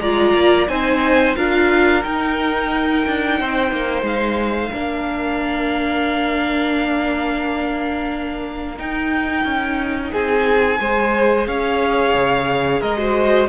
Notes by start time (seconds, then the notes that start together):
0.00 G#3 F4 D5 A#5
0.34 A#3
0.68 C4 D#4 C5 G#5
1.36 D4 F4 A#4 F5
2.04 D#4 G5
3.06 D4
3.39 C4 C5
3.71 A#3
4.02 G#3 F5
4.71 A#3 D4 A#4
8.78 D#4 G5
9.44 C#4
10.12 C4 G#4 G#5
10.79 G#3 G#4 C5
11.47 C#4 C#5 F5
12.14 C#3
12.80 G#3 A#4 D#5
12.97 F#4 C5